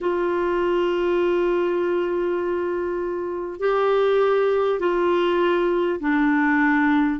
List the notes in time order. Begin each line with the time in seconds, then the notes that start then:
0.01 F4
3.59 G4
4.79 F4
6.00 D4